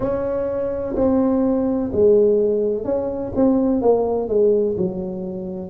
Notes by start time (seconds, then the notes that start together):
0.00 C#4
0.95 C4
1.92 G#3
2.84 C#4
3.35 C4
3.81 A#3
4.28 G#3
4.77 F#3